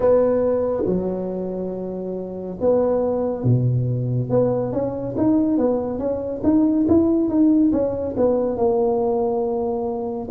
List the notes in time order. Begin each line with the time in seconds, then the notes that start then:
0.00 B3
0.86 F#3
2.60 B3
3.43 B2
4.29 B3
4.72 C#4
5.17 D#4
5.57 B3
5.98 C#4
6.43 D#4
6.88 E4
7.29 D#4
7.72 C#4
8.16 B3
8.56 A#3